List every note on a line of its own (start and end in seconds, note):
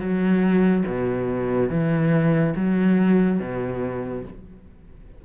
0.00 0.85 F#3
0.87 1.70 B2
1.70 2.54 E3
2.56 3.40 F#3
3.40 4.24 B2